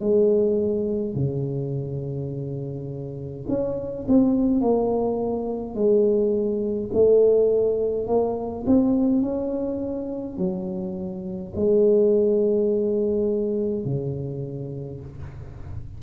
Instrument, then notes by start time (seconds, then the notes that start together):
tuba
0.00 G#3
1.14 C#3
3.48 C#4
4.08 C4
4.60 A#3
5.74 G#3
6.93 A3
8.07 A#3
8.66 C4
9.22 C#4
10.37 F#3
11.55 G#3
13.85 C#3